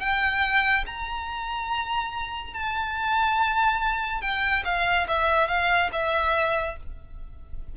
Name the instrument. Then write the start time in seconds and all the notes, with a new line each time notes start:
violin
0.00 G5
0.86 A#5
2.54 A5
4.21 G5
4.65 F5
5.08 E5
5.48 F5
5.92 E5